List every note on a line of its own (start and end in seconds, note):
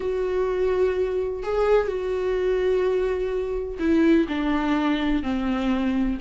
0.00 1.43 F#4
1.43 1.87 G#4
1.87 3.78 F#4
3.79 4.26 E4
4.28 5.23 D4
5.23 6.18 C4